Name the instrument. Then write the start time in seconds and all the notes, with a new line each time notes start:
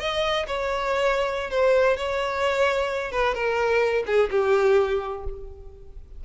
violin
0.00 D#5
0.48 C#5
1.51 C5
1.97 C#5
3.12 B4
3.35 A#4
4.07 G#4
4.31 G4